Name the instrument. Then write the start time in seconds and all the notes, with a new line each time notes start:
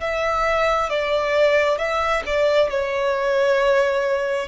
violin
0.00 E5
0.90 D5
1.77 E5
2.26 D5
2.69 C#5